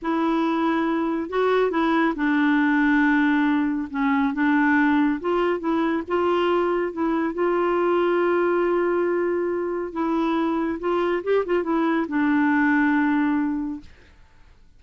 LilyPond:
\new Staff \with { instrumentName = "clarinet" } { \time 4/4 \tempo 4 = 139 e'2. fis'4 | e'4 d'2.~ | d'4 cis'4 d'2 | f'4 e'4 f'2 |
e'4 f'2.~ | f'2. e'4~ | e'4 f'4 g'8 f'8 e'4 | d'1 | }